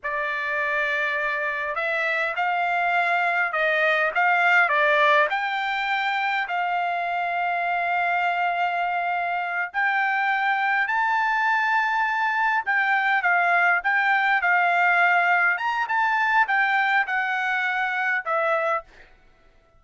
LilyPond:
\new Staff \with { instrumentName = "trumpet" } { \time 4/4 \tempo 4 = 102 d''2. e''4 | f''2 dis''4 f''4 | d''4 g''2 f''4~ | f''1~ |
f''8 g''2 a''4.~ | a''4. g''4 f''4 g''8~ | g''8 f''2 ais''8 a''4 | g''4 fis''2 e''4 | }